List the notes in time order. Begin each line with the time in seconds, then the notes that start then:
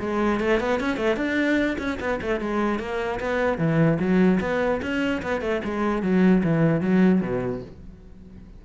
0.00 G#3
0.40 A3
0.60 B3
0.80 C#4
0.97 A3
1.17 D4
1.79 C#4
2.00 B3
2.22 A3
2.41 G#3
2.80 A#3
3.20 B3
3.58 E3
4.00 F#3
4.41 B3
4.82 C#4
5.23 B3
5.41 A3
5.65 G#3
6.03 F#3
6.44 E3
6.81 F#3
7.22 B2